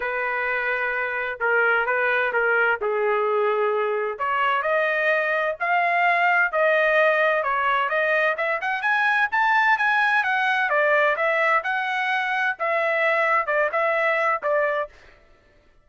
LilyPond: \new Staff \with { instrumentName = "trumpet" } { \time 4/4 \tempo 4 = 129 b'2. ais'4 | b'4 ais'4 gis'2~ | gis'4 cis''4 dis''2 | f''2 dis''2 |
cis''4 dis''4 e''8 fis''8 gis''4 | a''4 gis''4 fis''4 d''4 | e''4 fis''2 e''4~ | e''4 d''8 e''4. d''4 | }